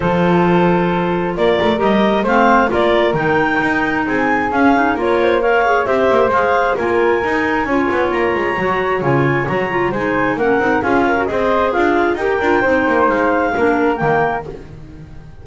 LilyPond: <<
  \new Staff \with { instrumentName = "clarinet" } { \time 4/4 \tempo 4 = 133 c''2. d''4 | dis''4 f''4 d''4 g''4~ | g''4 gis''4 f''4 cis''4 | f''4 e''4 f''4 gis''4~ |
gis''2 ais''2 | gis''4 ais''4 gis''4 fis''4 | f''4 dis''4 f''4 g''4~ | g''4 f''2 g''4 | }
  \new Staff \with { instrumentName = "flute" } { \time 4/4 a'2. ais'4~ | ais'4 c''4 ais'2~ | ais'4 gis'2 ais'8 c''8 | cis''4 c''2 ais'4~ |
ais'4 cis''2.~ | cis''2 c''4 ais'4 | gis'8 ais'8 c''4 f'4 ais'4 | c''2 ais'2 | }
  \new Staff \with { instrumentName = "clarinet" } { \time 4/4 f'1 | g'4 c'4 f'4 dis'4~ | dis'2 cis'8 dis'8 f'4 | ais'8 gis'8 g'4 gis'4 f'4 |
dis'4 f'2 fis'4 | f'4 fis'8 f'8 dis'4 cis'8 dis'8 | f'8. fis'16 gis'2 g'8 f'8 | dis'2 d'4 ais4 | }
  \new Staff \with { instrumentName = "double bass" } { \time 4/4 f2. ais8 a8 | g4 a4 ais4 dis4 | dis'4 c'4 cis'4 ais4~ | ais4 c'8 ais8 gis4 ais4 |
dis'4 cis'8 b8 ais8 gis8 fis4 | cis4 fis4 gis4 ais8 c'8 | cis'4 c'4 d'4 dis'8 d'8 | c'8 ais8 gis4 ais4 dis4 | }
>>